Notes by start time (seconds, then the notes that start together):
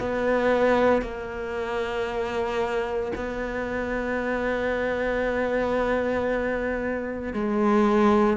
0.00 B3
1.02 A#3
3.16 B3
7.34 G#3